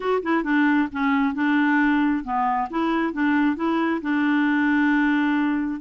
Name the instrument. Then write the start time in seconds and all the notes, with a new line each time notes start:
clarinet
0.00 F#4
0.22 E4
0.43 D4
0.92 C#4
1.34 D4
2.23 B3
2.69 E4
3.13 D4
3.56 E4
4.01 D4